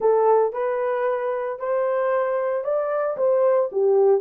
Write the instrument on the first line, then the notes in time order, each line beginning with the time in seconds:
horn
0.00 A4
0.53 B4
1.59 C5
2.64 D5
3.17 C5
3.72 G4